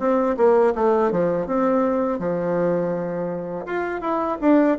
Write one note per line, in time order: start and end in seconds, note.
0.00 0.37 C4
0.37 0.74 A#3
0.75 1.12 A3
1.12 1.47 F3
1.47 2.20 C4
2.20 3.66 F3
3.66 4.01 F4
4.01 4.38 E4
4.42 4.78 D4